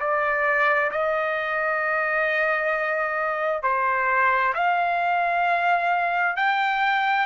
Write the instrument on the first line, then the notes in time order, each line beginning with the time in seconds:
trumpet
0.00 D5
0.91 D#5
3.63 C5
4.55 F5
6.36 G5